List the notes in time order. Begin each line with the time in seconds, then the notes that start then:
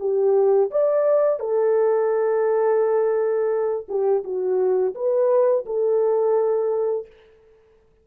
0.00 G4
0.71 D5
1.40 A4
3.89 G4
4.24 F#4
4.95 B4
5.66 A4